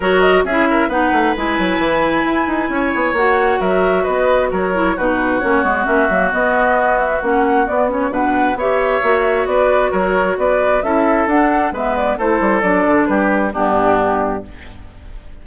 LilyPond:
<<
  \new Staff \with { instrumentName = "flute" } { \time 4/4 \tempo 4 = 133 cis''8 dis''8 e''4 fis''4 gis''4~ | gis''2. fis''4 | e''4 dis''4 cis''4 b'4 | cis''4 e''4 dis''4. e''8 |
fis''4 d''8 cis''8 fis''4 e''4~ | e''4 d''4 cis''4 d''4 | e''4 fis''4 e''8 d''8 c''4 | d''4 b'4 g'2 | }
  \new Staff \with { instrumentName = "oboe" } { \time 4/4 ais'4 gis'8 ais'8 b'2~ | b'2 cis''2 | ais'4 b'4 ais'4 fis'4~ | fis'1~ |
fis'2 b'4 cis''4~ | cis''4 b'4 ais'4 b'4 | a'2 b'4 a'4~ | a'4 g'4 d'2 | }
  \new Staff \with { instrumentName = "clarinet" } { \time 4/4 fis'4 e'4 dis'4 e'4~ | e'2. fis'4~ | fis'2~ fis'8 e'8 dis'4 | cis'8 b8 cis'8 ais8 b2 |
cis'4 b8 cis'8 d'4 g'4 | fis'1 | e'4 d'4 b4 e'4 | d'2 b2 | }
  \new Staff \with { instrumentName = "bassoon" } { \time 4/4 fis4 cis'4 b8 a8 gis8 fis8 | e4 e'8 dis'8 cis'8 b8 ais4 | fis4 b4 fis4 b,4 | ais8 gis8 ais8 fis8 b2 |
ais4 b4 b,4 b4 | ais4 b4 fis4 b4 | cis'4 d'4 gis4 a8 g8 | fis8 d8 g4 g,2 | }
>>